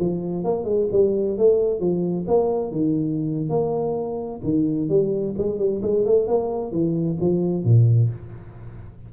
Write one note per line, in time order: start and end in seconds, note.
0.00 0.45 F3
0.45 0.65 A#3
0.65 0.88 G#3
0.92 1.38 G3
1.38 1.80 A3
1.80 2.26 F3
2.28 2.72 A#3
2.72 3.50 D#3
3.50 4.42 A#3
4.44 4.90 D#3
4.90 5.35 G3
5.38 5.59 G#3
5.59 5.82 G3
5.83 6.06 G#3
6.06 6.28 A3
6.28 6.72 A#3
6.72 7.18 E3
7.21 7.65 F3
7.65 8.10 A#2